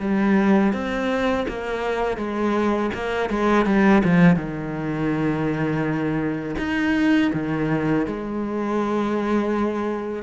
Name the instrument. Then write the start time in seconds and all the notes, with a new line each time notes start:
cello
0.00 G3
0.73 C4
1.48 A#3
2.18 G#3
2.94 A#3
3.30 G#3
3.66 G3
4.04 F3
4.36 D#3
6.58 D#4
7.33 D#3
8.07 G#3